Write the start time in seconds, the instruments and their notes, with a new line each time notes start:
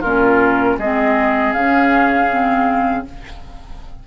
0.00 bassoon A#2, clarinet C#4, oboe F4, flute A#4
0.77 bassoon G#3, clarinet C4, oboe G#4, flute D#5
1.53 bassoon C#3, clarinet C#4, flute F5
2.29 clarinet C4